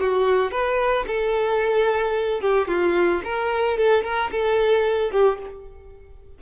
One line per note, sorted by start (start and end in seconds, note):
0.00 0.51 F#4
0.51 1.05 B4
1.07 2.41 A4
2.41 2.68 G4
2.68 3.22 F4
3.24 3.78 A#4
3.78 4.04 A4
4.04 4.31 A#4
4.32 5.11 A4
5.11 5.38 G4